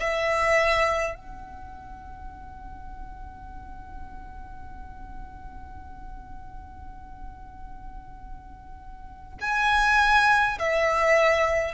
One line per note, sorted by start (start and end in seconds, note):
0.00 1.15 E5
1.15 9.39 F#5
9.41 10.58 G#5
10.59 11.74 E5